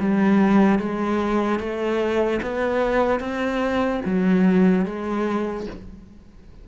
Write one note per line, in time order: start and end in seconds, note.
0.00 0.80 G3
0.80 1.60 G#3
1.60 2.41 A3
2.43 3.20 B3
3.20 4.01 C4
4.05 4.86 F#3
4.86 5.67 G#3